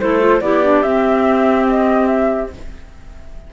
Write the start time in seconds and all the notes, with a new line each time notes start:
0.00 A3 E4 A4 C5
0.19 F4
0.41 B3 E4 G4 D5
0.63 D4
0.83 C4 E5
1.69 D#5
2.07 E5